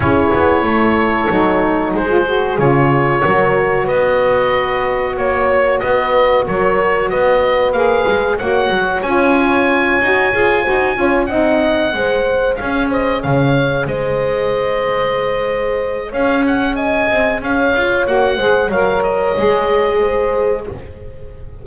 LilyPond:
<<
  \new Staff \with { instrumentName = "oboe" } { \time 4/4 \tempo 4 = 93 cis''2. c''4 | cis''2 dis''2 | cis''4 dis''4 cis''4 dis''4 | f''4 fis''4 gis''2~ |
gis''4. fis''2 f''8 | dis''8 f''4 dis''2~ dis''8~ | dis''4 f''8 fis''8 gis''4 f''4 | fis''4 f''8 dis''2~ dis''8 | }
  \new Staff \with { instrumentName = "horn" } { \time 4/4 gis'4 a'2 gis'4~ | gis'4 ais'4 b'2 | cis''4 b'4 ais'4 b'4~ | b'4 cis''2.~ |
cis''8 c''8 cis''8 dis''4 c''4 cis''8 | c''8 cis''4 c''2~ c''8~ | c''4 cis''4 dis''4 cis''4~ | cis''8 c''8 cis''2 c''4 | }
  \new Staff \with { instrumentName = "saxophone" } { \time 4/4 e'2 dis'4~ dis'16 f'16 fis'8 | f'4 fis'2.~ | fis'1 | gis'4 fis'4 f'4. fis'8 |
gis'8 fis'8 f'8 dis'4 gis'4.~ | gis'1~ | gis'1 | fis'8 gis'8 ais'4 gis'2 | }
  \new Staff \with { instrumentName = "double bass" } { \time 4/4 cis'8 b8 a4 fis4 gis4 | cis4 fis4 b2 | ais4 b4 fis4 b4 | ais8 gis8 ais8 fis8 cis'4. dis'8 |
f'8 dis'8 cis'8 c'4 gis4 cis'8~ | cis'8 cis4 gis2~ gis8~ | gis4 cis'4. c'8 cis'8 f'8 | ais8 gis8 fis4 gis2 | }
>>